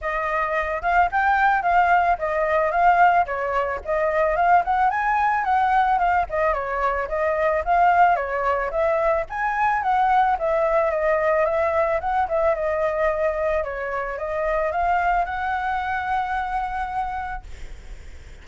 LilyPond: \new Staff \with { instrumentName = "flute" } { \time 4/4 \tempo 4 = 110 dis''4. f''8 g''4 f''4 | dis''4 f''4 cis''4 dis''4 | f''8 fis''8 gis''4 fis''4 f''8 dis''8 | cis''4 dis''4 f''4 cis''4 |
e''4 gis''4 fis''4 e''4 | dis''4 e''4 fis''8 e''8 dis''4~ | dis''4 cis''4 dis''4 f''4 | fis''1 | }